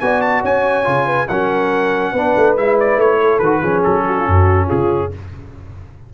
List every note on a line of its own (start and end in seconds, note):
0.00 0.44 B3
0.00 0.84 F#4
0.00 0.42 D5
0.00 0.21 G#5
0.21 0.42 A5
0.42 0.86 C#4
0.42 1.06 C#5
0.42 1.28 G#5
0.84 1.29 C#3
0.84 1.27 F4
1.06 1.27 B4
1.28 2.13 F#3
1.28 2.16 C#4
1.28 2.12 A#4
1.28 2.56 F#5
2.12 2.34 B3
2.12 2.57 D4
2.12 3.19 B4
2.37 2.57 A3
2.57 2.97 G#3
2.57 3.42 E4
2.57 2.78 E5
2.80 3.00 D5
2.97 3.39 A3
2.97 3.39 C#5
3.21 3.61 A4
3.39 3.61 D#3
3.39 3.63 F#4
3.39 3.82 B4
3.61 3.84 F3
3.61 5.12 C#4
3.61 4.03 G#4
3.84 4.27 F#3
3.84 4.69 A4
4.07 4.18 F#4
4.19 4.29 F4
4.27 4.70 F#2
4.27 4.67 F#4
4.67 5.14 C#3
4.67 5.09 F4
4.67 5.12 G#4